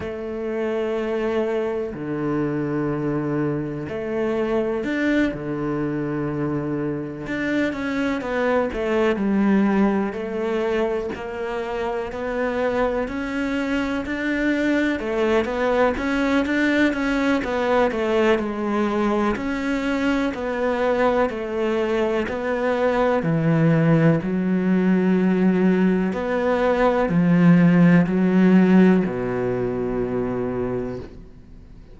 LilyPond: \new Staff \with { instrumentName = "cello" } { \time 4/4 \tempo 4 = 62 a2 d2 | a4 d'8 d2 d'8 | cis'8 b8 a8 g4 a4 ais8~ | ais8 b4 cis'4 d'4 a8 |
b8 cis'8 d'8 cis'8 b8 a8 gis4 | cis'4 b4 a4 b4 | e4 fis2 b4 | f4 fis4 b,2 | }